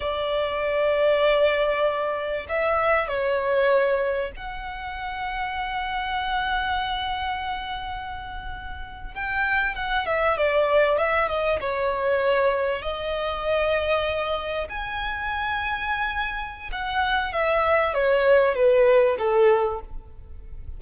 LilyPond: \new Staff \with { instrumentName = "violin" } { \time 4/4 \tempo 4 = 97 d''1 | e''4 cis''2 fis''4~ | fis''1~ | fis''2~ fis''8. g''4 fis''16~ |
fis''16 e''8 d''4 e''8 dis''8 cis''4~ cis''16~ | cis''8. dis''2. gis''16~ | gis''2. fis''4 | e''4 cis''4 b'4 a'4 | }